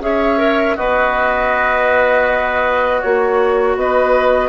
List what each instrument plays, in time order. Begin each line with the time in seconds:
0.00 bassoon C#4, clarinet G#4, oboe C#5, flute E5
0.38 clarinet A#4
0.76 bassoon B3, oboe F#4, clarinet B4, flute D#5
3.01 bassoon A#3, clarinet F#4, flute C#5
3.76 bassoon B3, oboe B4, flute D#5